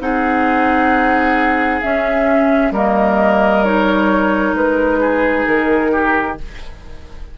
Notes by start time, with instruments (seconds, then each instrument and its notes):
0.00 bassoon C4, clarinet D#4, oboe G#4, flute F#5
1.82 clarinet C#4, bassoon C#4, flute E5
2.71 bassoon G3, clarinet A#3, oboe A#4, flute D#5
3.64 clarinet D#4, flute C#5
4.54 bassoon G#3, flute B4
5.01 oboe G#4
5.47 bassoon D#3, flute A#4
5.92 oboe G4